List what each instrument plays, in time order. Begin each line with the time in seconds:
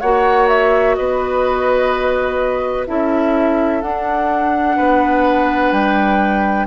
0.00 bassoon A#3, clarinet F#4, oboe C#5, flute F#5
0.48 flute E5
0.95 bassoon B3, oboe B4, flute D#5
2.87 bassoon C#4, clarinet E4, oboe A4, flute E5
3.82 bassoon D4, clarinet D4, flute F#5
4.76 bassoon B3, oboe B4
5.72 bassoon G3, flute G5